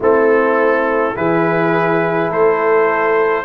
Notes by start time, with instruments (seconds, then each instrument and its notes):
0.00 tuba A3, trombone C4, horn E4, trumpet A4
1.15 tuba E3, trombone E4, horn G#4, trumpet B4
2.30 tuba A3, horn A4, trumpet C5